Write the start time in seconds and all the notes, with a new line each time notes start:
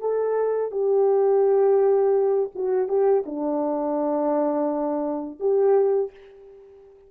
0.00 A4
0.71 G4
2.55 F#4
2.88 G4
3.26 D4
5.40 G4